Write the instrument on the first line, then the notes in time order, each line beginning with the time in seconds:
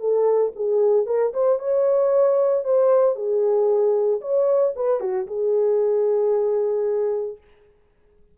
horn
0.00 A4
0.56 G#4
1.07 A#4
1.34 C5
1.59 C#5
2.64 C5
3.16 G#4
4.22 C#5
4.76 B4
5.01 F#4
5.28 G#4